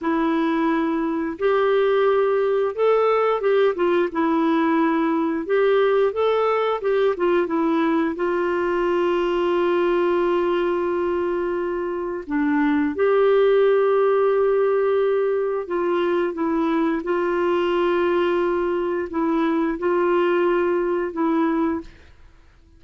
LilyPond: \new Staff \with { instrumentName = "clarinet" } { \time 4/4 \tempo 4 = 88 e'2 g'2 | a'4 g'8 f'8 e'2 | g'4 a'4 g'8 f'8 e'4 | f'1~ |
f'2 d'4 g'4~ | g'2. f'4 | e'4 f'2. | e'4 f'2 e'4 | }